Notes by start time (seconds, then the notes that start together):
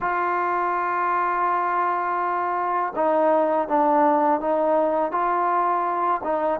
0.00 F4
2.95 D#4
3.68 D4
4.40 D#4
5.11 F4
6.23 D#4